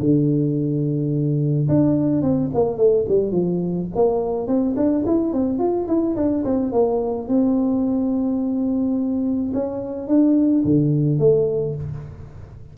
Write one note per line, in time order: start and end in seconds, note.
0.00 1.68 D3
1.68 2.22 D4
2.22 2.50 C4
2.54 2.77 A#3
2.77 3.05 A3
3.09 3.31 G3
3.31 3.87 F3
3.95 4.47 A#3
4.47 4.75 C4
4.76 5.04 D4
5.06 5.33 E4
5.33 5.59 C4
5.59 5.87 F4
5.88 6.16 E4
6.16 6.44 D4
6.45 6.72 C4
6.72 7.28 A#3
7.28 9.53 C4
9.54 10.08 C#4
10.08 10.64 D4
10.64 11.19 D3
11.19 11.75 A3